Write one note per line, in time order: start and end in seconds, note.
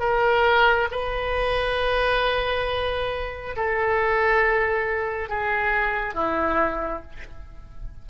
0.00 0.88 A#4
0.91 3.56 B4
3.57 5.29 A4
5.29 6.14 G#4
6.14 7.03 E4